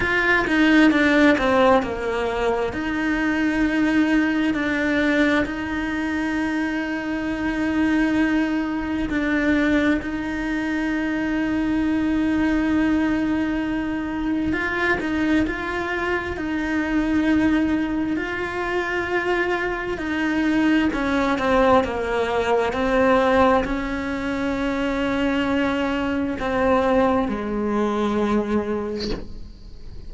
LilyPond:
\new Staff \with { instrumentName = "cello" } { \time 4/4 \tempo 4 = 66 f'8 dis'8 d'8 c'8 ais4 dis'4~ | dis'4 d'4 dis'2~ | dis'2 d'4 dis'4~ | dis'1 |
f'8 dis'8 f'4 dis'2 | f'2 dis'4 cis'8 c'8 | ais4 c'4 cis'2~ | cis'4 c'4 gis2 | }